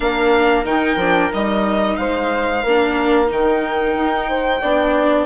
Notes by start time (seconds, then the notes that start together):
0.00 A#3 D4 A#4 F5
0.65 D#3 D#4 G5
0.96 F3 D4
1.32 G3 D#4 D#5
1.96 G#3 C5 F5
2.63 A#3 D4 A#4
3.26 D#3 D#4 G5
3.94 D#4
4.28 C5
4.61 B3 D4 D5